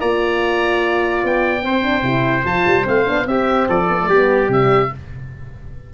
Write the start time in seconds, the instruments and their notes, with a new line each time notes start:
0.00 tuba A#3, horn F4, trumpet D5, oboe A#5
1.23 tuba B3, oboe G5
1.61 horn C4, tuba C4, trumpet C5
1.82 horn D4
2.02 tuba C3, horn E4
2.44 tuba F3, horn F4, oboe A5
2.66 tuba G3
2.84 tuba A3, horn C4, oboe F5
3.05 tuba B3, horn D4
3.25 horn C4, tuba C4, trumpet G4, oboe E5
3.68 tuba F3, trumpet A4, oboe D5
3.89 horn B3
4.00 horn A3
4.08 tuba G3, horn B3, trumpet G4
4.48 tuba C3, horn G3, oboe E5